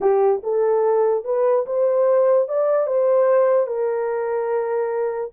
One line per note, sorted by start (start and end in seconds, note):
0.00 0.41 G4
0.43 1.24 A4
1.24 1.65 B4
1.66 2.48 C5
2.48 2.87 D5
2.87 3.66 C5
3.66 5.31 A#4